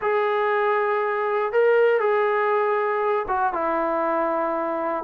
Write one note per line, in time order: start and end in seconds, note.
0.01 1.52 G#4
1.52 2.00 A#4
2.00 3.26 G#4
3.28 3.53 F#4
3.53 5.04 E4